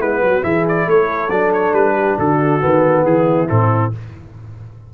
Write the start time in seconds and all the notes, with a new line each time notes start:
0.00 G#3 B3 E4 B4
0.21 F#3 F#4
0.43 E3 E4 G#4 E5
0.69 D5
0.87 A3 A4 C#5
1.30 F#3 D4 D5
1.54 C#5
1.73 G3 B4
1.95 G4
2.17 D3 F#4 A4
2.61 D#3 B3
3.05 E3 E4 G#4
3.49 A2 C4 A4